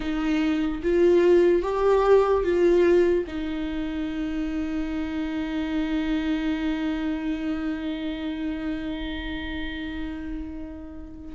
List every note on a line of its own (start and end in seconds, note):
0.00 0.81 D#4
0.82 1.62 F4
1.62 2.43 G4
2.43 3.24 F4
3.27 11.35 D#4